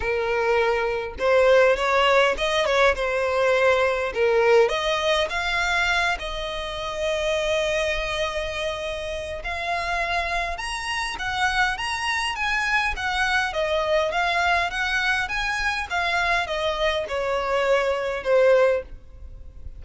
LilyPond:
\new Staff \with { instrumentName = "violin" } { \time 4/4 \tempo 4 = 102 ais'2 c''4 cis''4 | dis''8 cis''8 c''2 ais'4 | dis''4 f''4. dis''4.~ | dis''1 |
f''2 ais''4 fis''4 | ais''4 gis''4 fis''4 dis''4 | f''4 fis''4 gis''4 f''4 | dis''4 cis''2 c''4 | }